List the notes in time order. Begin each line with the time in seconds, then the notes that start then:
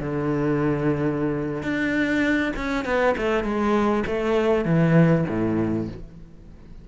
0.00 D3
1.62 D4
2.56 C#4
2.84 B3
3.17 A3
3.43 G#3
4.06 A3
4.65 E3
5.28 A2